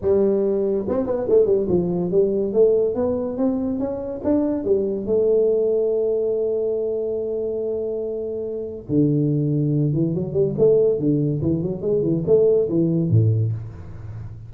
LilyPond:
\new Staff \with { instrumentName = "tuba" } { \time 4/4 \tempo 4 = 142 g2 c'8 b8 a8 g8 | f4 g4 a4 b4 | c'4 cis'4 d'4 g4 | a1~ |
a1~ | a4 d2~ d8 e8 | fis8 g8 a4 d4 e8 fis8 | gis8 e8 a4 e4 a,4 | }